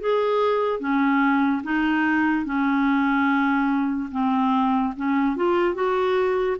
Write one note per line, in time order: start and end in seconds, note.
0.00 0.80 G#4
0.80 1.62 C#4
1.63 2.45 D#4
2.45 4.09 C#4
4.11 4.94 C4
4.96 5.36 C#4
5.36 5.74 F4
5.74 6.56 F#4